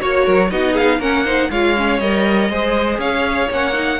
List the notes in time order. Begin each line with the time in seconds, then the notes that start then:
0.00 A#3 F#4 C#5
0.24 F#3 A#4
0.51 B3 D#4 F#4 D#5
0.73 G#4 F5
0.99 A#3 C#4 A#4 F#5
1.24 D#4 C5
1.50 G#3 F4 C#5 F5
1.76 C#4
1.99 G3 A#4 D#5
2.49 G#3 G#4 C5
2.98 C#4 C#5 F5
3.50 A#3 C#4 F#5
3.73 D#4